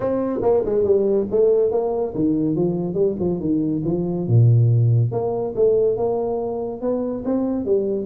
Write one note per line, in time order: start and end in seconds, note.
0.00 0.40 C4
0.42 0.63 A#3
0.65 0.84 G#3
0.84 1.26 G3
1.30 1.71 A3
1.71 2.13 A#3
2.15 2.55 D#3
2.55 2.93 F3
2.93 3.15 G3
3.19 3.39 F3
3.39 3.82 D#3
3.85 4.27 F3
4.27 5.11 A#2
5.11 5.54 A#3
5.55 5.97 A3
5.97 6.81 A#3
6.81 7.23 B3
7.24 7.65 C4
7.65 8.05 G3